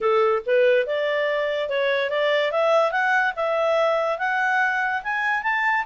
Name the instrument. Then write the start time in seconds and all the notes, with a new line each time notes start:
clarinet
0.01 A4
0.46 B4
0.86 D5
1.69 C#5
2.10 D5
2.51 E5
2.91 F#5
3.35 E5
4.18 F#5
5.03 G#5
5.42 A5